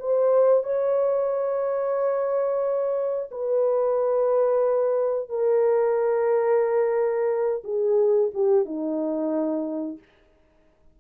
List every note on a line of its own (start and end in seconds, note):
0.00 0.64 C5
0.64 3.31 C#5
3.32 5.30 B4
5.30 7.63 A#4
7.65 8.31 G#4
8.35 8.66 G4
8.66 9.99 D#4